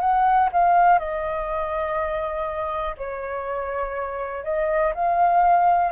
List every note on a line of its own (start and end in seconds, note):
0.00 0.49 F#5
0.53 0.99 F5
0.99 2.96 D#5
2.97 4.44 C#5
4.44 4.94 D#5
4.94 5.92 F5